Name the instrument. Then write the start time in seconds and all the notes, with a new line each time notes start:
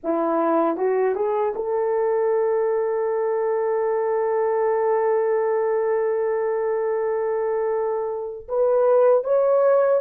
horn
0.03 E4
0.77 F#4
1.15 G#4
1.55 A4
8.48 B4
9.23 C#5